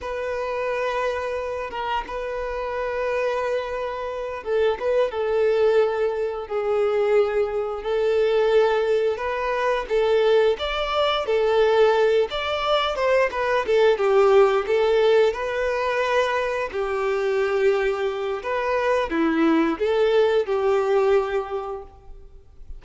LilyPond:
\new Staff \with { instrumentName = "violin" } { \time 4/4 \tempo 4 = 88 b'2~ b'8 ais'8 b'4~ | b'2~ b'8 a'8 b'8 a'8~ | a'4. gis'2 a'8~ | a'4. b'4 a'4 d''8~ |
d''8 a'4. d''4 c''8 b'8 | a'8 g'4 a'4 b'4.~ | b'8 g'2~ g'8 b'4 | e'4 a'4 g'2 | }